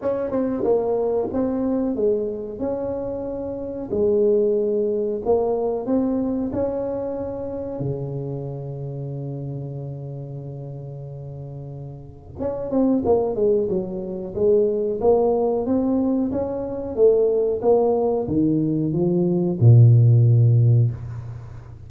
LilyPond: \new Staff \with { instrumentName = "tuba" } { \time 4/4 \tempo 4 = 92 cis'8 c'8 ais4 c'4 gis4 | cis'2 gis2 | ais4 c'4 cis'2 | cis1~ |
cis2. cis'8 c'8 | ais8 gis8 fis4 gis4 ais4 | c'4 cis'4 a4 ais4 | dis4 f4 ais,2 | }